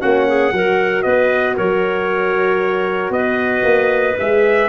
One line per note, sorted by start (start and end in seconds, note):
0.00 0.52 A#3
0.00 0.52 C#4
0.00 0.26 F#4
0.00 1.02 F#5
0.27 0.53 G#4
0.52 1.04 F#3
0.52 4.18 F#4
0.52 1.04 A#4
1.02 1.57 B3
1.02 1.56 B4
1.02 1.55 D#5
1.56 3.10 F#3
1.56 3.12 A#4
1.56 3.12 C#5
3.10 3.62 B3
3.10 4.69 B4
3.10 4.17 D#5
3.63 4.16 A#3
4.19 4.69 G#3
4.19 4.69 G#4
4.19 4.69 E5